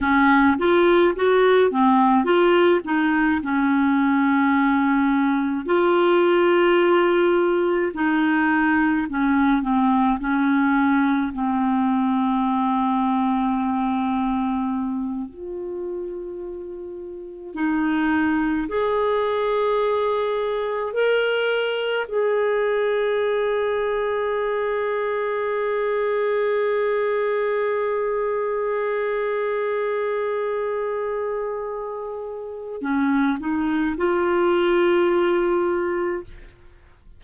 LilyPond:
\new Staff \with { instrumentName = "clarinet" } { \time 4/4 \tempo 4 = 53 cis'8 f'8 fis'8 c'8 f'8 dis'8 cis'4~ | cis'4 f'2 dis'4 | cis'8 c'8 cis'4 c'2~ | c'4. f'2 dis'8~ |
dis'8 gis'2 ais'4 gis'8~ | gis'1~ | gis'1~ | gis'4 cis'8 dis'8 f'2 | }